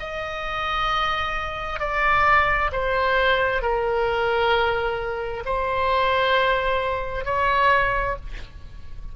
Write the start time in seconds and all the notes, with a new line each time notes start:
0.00 D#5
1.80 D5
2.72 C5
3.62 A#4
5.45 C5
7.25 C#5